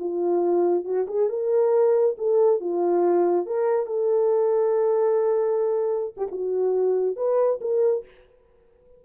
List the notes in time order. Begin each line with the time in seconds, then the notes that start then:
0.00 F4
0.85 F#4
1.08 G#4
1.29 A#4
2.18 A4
2.61 F4
3.47 A#4
3.87 A4
6.17 G4
6.32 F#4
7.17 B4
7.61 A#4